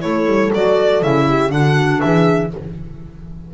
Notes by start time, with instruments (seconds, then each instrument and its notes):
0.00 double bass A3, clarinet E4, horn A4, violin C#5
0.26 double bass G3
0.53 double bass F#3, clarinet F#4, violin D5
1.02 double bass C#3, clarinet E4, violin E5
1.28 horn G4
1.48 double bass D3, clarinet D4, horn F#4, violin F#5
2.01 double bass E3, horn G#4, violin E5